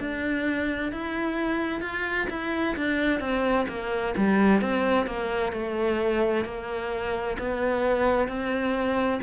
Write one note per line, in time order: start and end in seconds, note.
0.00 0.92 D4
0.92 1.81 E4
1.81 2.27 F4
2.30 2.76 E4
2.77 3.20 D4
3.20 3.66 C4
3.68 4.15 A#3
4.17 4.61 G3
4.61 5.06 C4
5.06 5.53 A#3
5.53 6.45 A3
6.45 7.37 A#3
7.38 8.28 B3
8.28 9.21 C4